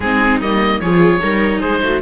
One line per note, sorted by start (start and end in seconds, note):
0.00 0.39 G#3
0.00 0.42 C4
0.00 0.82 D#4
0.00 0.39 G#4
0.39 0.80 G3
0.39 0.82 A#3
0.39 0.80 D#5
0.80 1.20 F3
0.80 1.20 F4
0.80 1.21 G#4
0.80 1.60 C#5
1.20 1.63 G3
1.20 2.01 D#4
1.20 1.60 A#4
1.60 1.81 G#3
1.60 1.80 G#4
1.60 2.00 C5
1.81 2.02 A3
1.81 2.02 F#4